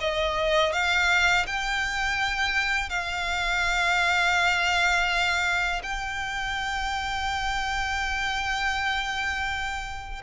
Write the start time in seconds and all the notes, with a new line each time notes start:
0.00 D#5
0.73 F5
1.47 G5
2.89 F5
5.83 G5